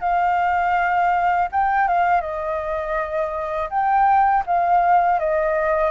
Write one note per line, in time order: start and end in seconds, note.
0.00 1.48 F5
1.52 1.88 G5
1.88 2.21 F5
2.21 3.69 D#5
3.69 4.43 G5
4.46 5.19 F5
5.19 5.91 D#5